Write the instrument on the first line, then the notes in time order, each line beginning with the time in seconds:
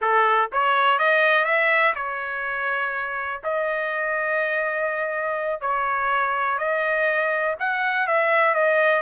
trumpet
0.01 A4
0.52 C#5
0.99 D#5
1.44 E5
1.95 C#5
3.43 D#5
5.61 C#5
6.58 D#5
7.59 F#5
8.07 E5
8.54 D#5